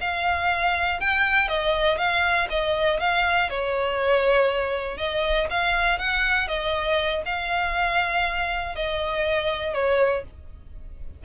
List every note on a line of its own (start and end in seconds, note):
0.00 1.00 F5
1.00 1.48 G5
1.48 1.97 D#5
1.97 2.47 F5
2.50 3.00 D#5
3.00 3.49 F5
3.49 4.97 C#5
4.97 5.47 D#5
5.50 5.98 F5
5.98 6.47 F#5
6.47 7.22 D#5
7.25 8.75 F5
8.75 9.73 D#5
9.73 10.23 C#5